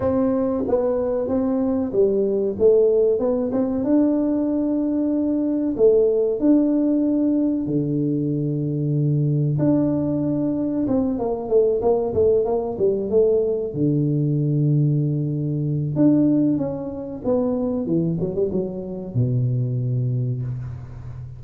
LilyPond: \new Staff \with { instrumentName = "tuba" } { \time 4/4 \tempo 4 = 94 c'4 b4 c'4 g4 | a4 b8 c'8 d'2~ | d'4 a4 d'2 | d2. d'4~ |
d'4 c'8 ais8 a8 ais8 a8 ais8 | g8 a4 d2~ d8~ | d4 d'4 cis'4 b4 | e8 fis16 g16 fis4 b,2 | }